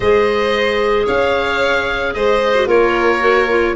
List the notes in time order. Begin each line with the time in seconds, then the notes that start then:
0.00 G#3 G#4 C5 D#5
1.05 C#4 C#5 F5
2.14 G#3 C5 D#5
2.54 F#4
2.66 A#3 F4 A#4 C#5
3.19 F#4
3.48 F4